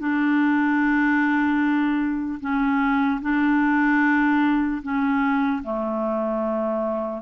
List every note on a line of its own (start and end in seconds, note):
0.00 2.40 D4
2.41 3.21 C#4
3.22 4.82 D4
4.83 5.63 C#4
5.64 7.23 A3